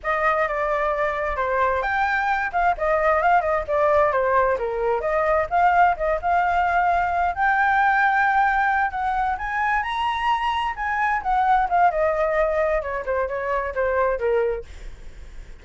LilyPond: \new Staff \with { instrumentName = "flute" } { \time 4/4 \tempo 4 = 131 dis''4 d''2 c''4 | g''4. f''8 dis''4 f''8 dis''8 | d''4 c''4 ais'4 dis''4 | f''4 dis''8 f''2~ f''8 |
g''2.~ g''8 fis''8~ | fis''8 gis''4 ais''2 gis''8~ | gis''8 fis''4 f''8 dis''2 | cis''8 c''8 cis''4 c''4 ais'4 | }